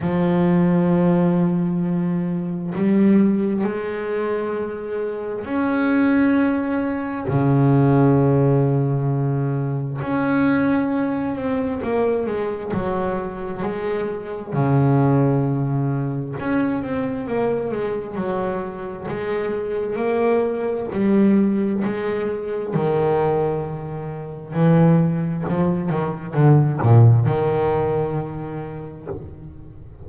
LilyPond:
\new Staff \with { instrumentName = "double bass" } { \time 4/4 \tempo 4 = 66 f2. g4 | gis2 cis'2 | cis2. cis'4~ | cis'8 c'8 ais8 gis8 fis4 gis4 |
cis2 cis'8 c'8 ais8 gis8 | fis4 gis4 ais4 g4 | gis4 dis2 e4 | f8 dis8 d8 ais,8 dis2 | }